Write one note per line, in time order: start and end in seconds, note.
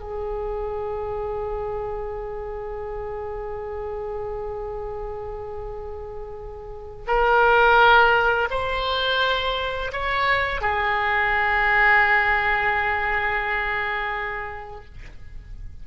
0.00 7.06 G#4
7.07 8.49 A#4
8.51 9.92 C5
9.93 10.61 C#5
10.61 14.85 G#4